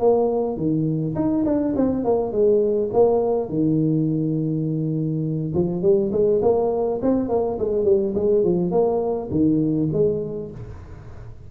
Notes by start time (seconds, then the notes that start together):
0.00 A#3
0.57 D#3
1.15 D#4
1.46 D4
1.76 C4
2.05 A#3
2.32 G#3
2.94 A#3
3.50 D#3
5.55 F3
5.83 G3
6.12 G#3
6.43 A#3
7.02 C4
7.29 A#3
7.59 G#3
7.85 G3
8.15 G#3
8.44 F3
8.71 A#3
9.31 D#3
9.93 G#3